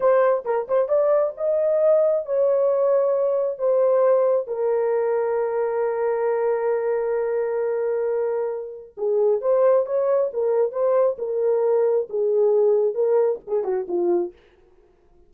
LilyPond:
\new Staff \with { instrumentName = "horn" } { \time 4/4 \tempo 4 = 134 c''4 ais'8 c''8 d''4 dis''4~ | dis''4 cis''2. | c''2 ais'2~ | ais'1~ |
ais'1 | gis'4 c''4 cis''4 ais'4 | c''4 ais'2 gis'4~ | gis'4 ais'4 gis'8 fis'8 f'4 | }